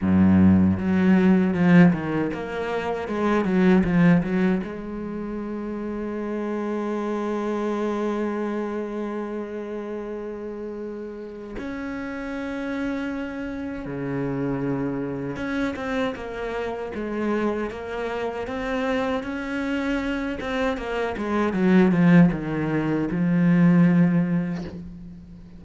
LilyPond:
\new Staff \with { instrumentName = "cello" } { \time 4/4 \tempo 4 = 78 fis,4 fis4 f8 dis8 ais4 | gis8 fis8 f8 fis8 gis2~ | gis1~ | gis2. cis'4~ |
cis'2 cis2 | cis'8 c'8 ais4 gis4 ais4 | c'4 cis'4. c'8 ais8 gis8 | fis8 f8 dis4 f2 | }